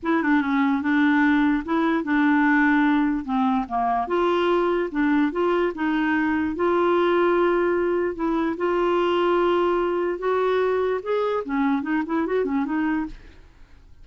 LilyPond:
\new Staff \with { instrumentName = "clarinet" } { \time 4/4 \tempo 4 = 147 e'8 d'8 cis'4 d'2 | e'4 d'2. | c'4 ais4 f'2 | d'4 f'4 dis'2 |
f'1 | e'4 f'2.~ | f'4 fis'2 gis'4 | cis'4 dis'8 e'8 fis'8 cis'8 dis'4 | }